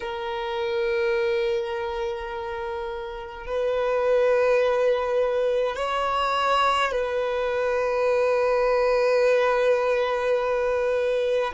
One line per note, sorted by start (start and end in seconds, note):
0.00 3.46 A#4
3.46 5.76 B4
5.76 6.91 C#5
6.91 11.53 B4